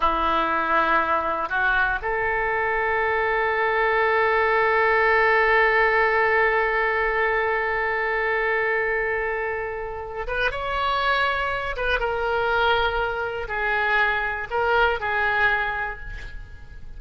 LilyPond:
\new Staff \with { instrumentName = "oboe" } { \time 4/4 \tempo 4 = 120 e'2. fis'4 | a'1~ | a'1~ | a'1~ |
a'1~ | a'8 b'8 cis''2~ cis''8 b'8 | ais'2. gis'4~ | gis'4 ais'4 gis'2 | }